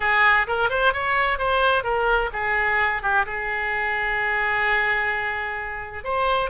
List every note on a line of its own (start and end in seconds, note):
0.00 0.47 G#4
0.47 0.69 A#4
0.69 0.93 C5
0.93 1.38 C#5
1.38 1.83 C5
1.83 2.30 A#4
2.33 3.02 G#4
3.02 3.25 G4
3.26 6.04 G#4
6.04 6.50 C5